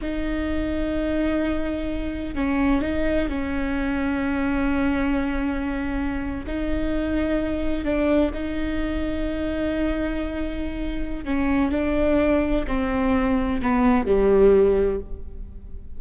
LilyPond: \new Staff \with { instrumentName = "viola" } { \time 4/4 \tempo 4 = 128 dis'1~ | dis'4 cis'4 dis'4 cis'4~ | cis'1~ | cis'4.~ cis'16 dis'2~ dis'16~ |
dis'8. d'4 dis'2~ dis'16~ | dis'1 | cis'4 d'2 c'4~ | c'4 b4 g2 | }